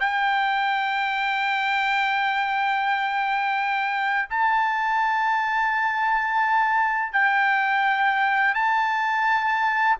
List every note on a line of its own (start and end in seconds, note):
0.00 4.29 G5
4.30 7.13 A5
7.13 8.54 G5
8.54 9.97 A5